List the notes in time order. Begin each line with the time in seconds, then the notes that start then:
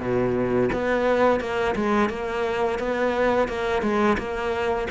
0.00 B2
0.73 B3
1.40 A#3
1.75 G#3
2.09 A#3
2.79 B3
3.49 A#3
3.82 G#3
4.18 A#3